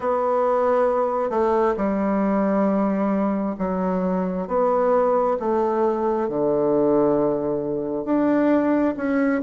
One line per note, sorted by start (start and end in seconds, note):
0.00 1.30 B3
1.30 1.75 A3
1.77 3.56 G3
3.58 4.47 F#3
4.47 5.37 B3
5.39 6.28 A3
6.28 8.04 D3
8.04 8.94 D4
8.96 9.41 C#4